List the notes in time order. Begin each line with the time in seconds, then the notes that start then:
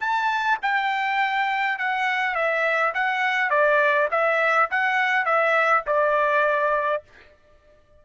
0.00 A5
0.62 G5
1.79 F#5
2.35 E5
2.94 F#5
3.50 D5
4.11 E5
4.71 F#5
5.25 E5
5.86 D5